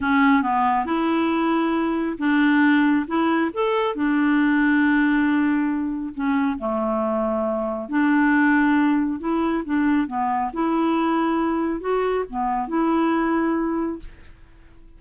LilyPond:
\new Staff \with { instrumentName = "clarinet" } { \time 4/4 \tempo 4 = 137 cis'4 b4 e'2~ | e'4 d'2 e'4 | a'4 d'2.~ | d'2 cis'4 a4~ |
a2 d'2~ | d'4 e'4 d'4 b4 | e'2. fis'4 | b4 e'2. | }